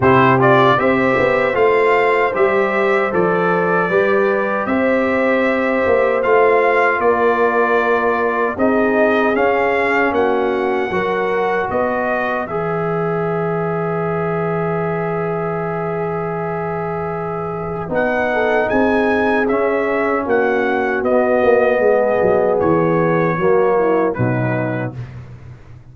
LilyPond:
<<
  \new Staff \with { instrumentName = "trumpet" } { \time 4/4 \tempo 4 = 77 c''8 d''8 e''4 f''4 e''4 | d''2 e''2 | f''4 d''2 dis''4 | f''4 fis''2 dis''4 |
e''1~ | e''2. fis''4 | gis''4 e''4 fis''4 dis''4~ | dis''4 cis''2 b'4 | }
  \new Staff \with { instrumentName = "horn" } { \time 4/4 g'4 c''2.~ | c''4 b'4 c''2~ | c''4 ais'2 gis'4~ | gis'4 fis'4 ais'4 b'4~ |
b'1~ | b'2.~ b'8 a'8 | gis'2 fis'2 | gis'2 fis'8 e'8 dis'4 | }
  \new Staff \with { instrumentName = "trombone" } { \time 4/4 e'8 f'8 g'4 f'4 g'4 | a'4 g'2. | f'2. dis'4 | cis'2 fis'2 |
gis'1~ | gis'2. dis'4~ | dis'4 cis'2 b4~ | b2 ais4 fis4 | }
  \new Staff \with { instrumentName = "tuba" } { \time 4/4 c4 c'8 b8 a4 g4 | f4 g4 c'4. ais8 | a4 ais2 c'4 | cis'4 ais4 fis4 b4 |
e1~ | e2. b4 | c'4 cis'4 ais4 b8 ais8 | gis8 fis8 e4 fis4 b,4 | }
>>